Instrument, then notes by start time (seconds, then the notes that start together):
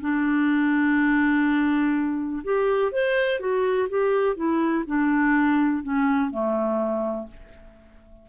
clarinet
0.00 D4
2.43 G4
2.91 C5
3.39 F#4
3.89 G4
4.35 E4
4.86 D4
5.83 C#4
6.30 A3